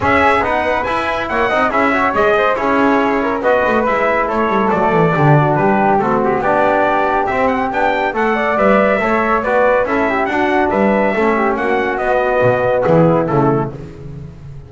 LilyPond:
<<
  \new Staff \with { instrumentName = "trumpet" } { \time 4/4 \tempo 4 = 140 e''4 fis''4 gis''4 fis''4 | e''4 dis''4 cis''2 | dis''4 e''4 cis''4 d''4~ | d''4 b'4 a'8 g'8 d''4~ |
d''4 e''8 fis''8 g''4 fis''4 | e''2 d''4 e''4 | fis''4 e''2 fis''4 | dis''2 gis'4 a'4 | }
  \new Staff \with { instrumentName = "flute" } { \time 4/4 gis'4 b'2 cis''8 dis''8 | gis'8 cis''4 c''8 gis'4. ais'8 | b'2 a'2 | g'8 fis'8 g'4 fis'4 g'4~ |
g'2. a'8 d''8~ | d''4 cis''4 b'4 a'8 g'8 | fis'4 b'4 a'8 g'8 fis'4~ | fis'2 e'2 | }
  \new Staff \with { instrumentName = "trombone" } { \time 4/4 cis'4 dis'4 e'4. dis'8 | e'8 fis'8 gis'4 e'2 | fis'4 e'2 a4 | d'2 c'4 d'4~ |
d'4 c'4 d'4 a'4 | b'4 a'4 fis'4 e'4 | d'2 cis'2 | b2. a4 | }
  \new Staff \with { instrumentName = "double bass" } { \time 4/4 cis'4 b4 e'4 ais8 c'8 | cis'4 gis4 cis'2 | b8 a8 gis4 a8 g8 fis8 e8 | d4 g4 a4 b4~ |
b4 c'4 b4 a4 | g4 a4 b4 cis'4 | d'4 g4 a4 ais4 | b4 b,4 e4 cis4 | }
>>